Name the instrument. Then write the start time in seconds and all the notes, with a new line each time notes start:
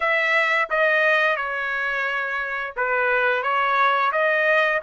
trumpet
0.00 E5
0.70 D#5
1.36 C#5
2.76 B4
3.42 C#5
4.12 D#5